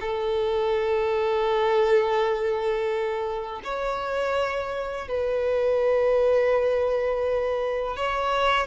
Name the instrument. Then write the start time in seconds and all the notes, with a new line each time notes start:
violin
0.00 A4
3.63 C#5
5.07 B4
7.96 C#5